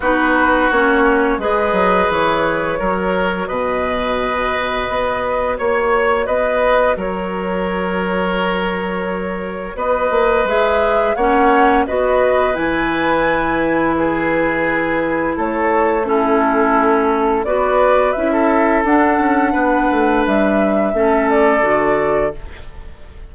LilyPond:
<<
  \new Staff \with { instrumentName = "flute" } { \time 4/4 \tempo 4 = 86 b'4 cis''4 dis''4 cis''4~ | cis''4 dis''2. | cis''4 dis''4 cis''2~ | cis''2 dis''4 e''4 |
fis''4 dis''4 gis''2 | b'2 cis''4 a'4~ | a'4 d''4 e''4 fis''4~ | fis''4 e''4. d''4. | }
  \new Staff \with { instrumentName = "oboe" } { \time 4/4 fis'2 b'2 | ais'4 b'2. | cis''4 b'4 ais'2~ | ais'2 b'2 |
cis''4 b'2. | gis'2 a'4 e'4~ | e'4 b'4~ b'16 a'4.~ a'16 | b'2 a'2 | }
  \new Staff \with { instrumentName = "clarinet" } { \time 4/4 dis'4 cis'4 gis'2 | fis'1~ | fis'1~ | fis'2. gis'4 |
cis'4 fis'4 e'2~ | e'2. cis'4~ | cis'4 fis'4 e'4 d'4~ | d'2 cis'4 fis'4 | }
  \new Staff \with { instrumentName = "bassoon" } { \time 4/4 b4 ais4 gis8 fis8 e4 | fis4 b,2 b4 | ais4 b4 fis2~ | fis2 b8 ais8 gis4 |
ais4 b4 e2~ | e2 a2~ | a4 b4 cis'4 d'8 cis'8 | b8 a8 g4 a4 d4 | }
>>